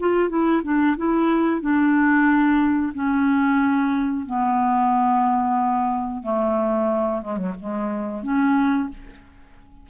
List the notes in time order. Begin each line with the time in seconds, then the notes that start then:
0.00 F4
0.29 E4
0.64 D4
0.97 E4
1.61 D4
2.94 C#4
4.26 B3
6.23 A3
7.22 G#3
7.37 F#3
7.60 G#3
8.23 C#4